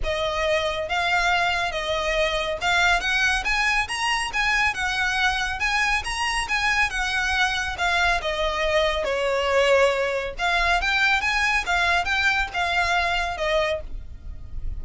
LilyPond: \new Staff \with { instrumentName = "violin" } { \time 4/4 \tempo 4 = 139 dis''2 f''2 | dis''2 f''4 fis''4 | gis''4 ais''4 gis''4 fis''4~ | fis''4 gis''4 ais''4 gis''4 |
fis''2 f''4 dis''4~ | dis''4 cis''2. | f''4 g''4 gis''4 f''4 | g''4 f''2 dis''4 | }